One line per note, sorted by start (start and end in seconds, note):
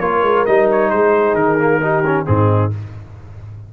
0.00 0.23 A#3
0.00 0.47 F4
0.00 0.92 A#4
0.00 0.45 C#5
0.23 0.45 G#3
0.46 0.93 G3
0.46 1.59 D#4
0.46 0.69 D#5
0.72 0.91 C#5
0.91 1.35 G#3
0.91 1.82 G#4
0.91 1.36 C5
1.35 2.25 D#3
1.35 2.26 A#4
1.59 1.82 A#3
1.82 2.05 D#4
1.82 2.27 G4
2.06 2.26 C#4
2.26 2.73 G#2
2.26 2.71 C4
2.26 2.73 D#4
2.26 2.72 G#4